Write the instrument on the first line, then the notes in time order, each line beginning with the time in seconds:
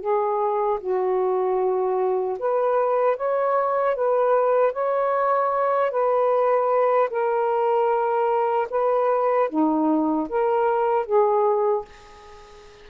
saxophone
0.00 G#4
0.80 F#4
2.39 B4
3.17 C#5
3.95 B4
4.73 C#5
5.91 B4
7.10 A#4
8.70 B4
9.49 D#4
10.29 A#4
11.06 G#4